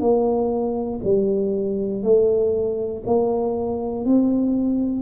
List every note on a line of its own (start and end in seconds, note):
0.00 1.00 A#3
1.03 2.03 G3
2.03 3.03 A3
3.06 4.05 A#3
4.05 5.02 C4